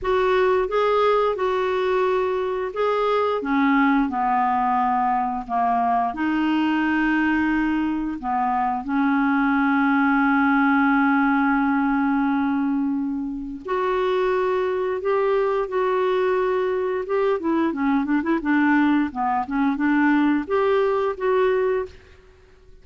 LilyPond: \new Staff \with { instrumentName = "clarinet" } { \time 4/4 \tempo 4 = 88 fis'4 gis'4 fis'2 | gis'4 cis'4 b2 | ais4 dis'2. | b4 cis'2.~ |
cis'1 | fis'2 g'4 fis'4~ | fis'4 g'8 e'8 cis'8 d'16 e'16 d'4 | b8 cis'8 d'4 g'4 fis'4 | }